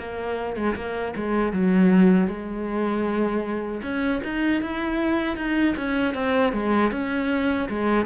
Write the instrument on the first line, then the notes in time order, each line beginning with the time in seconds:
cello
0.00 A#3
0.57 G#3
0.76 A#3
1.16 G#3
1.53 F#3
2.28 G#3
3.83 C#4
4.24 D#4
4.62 E4
5.37 D#4
5.77 C#4
6.14 C4
6.53 G#3
6.92 C#4
7.70 G#3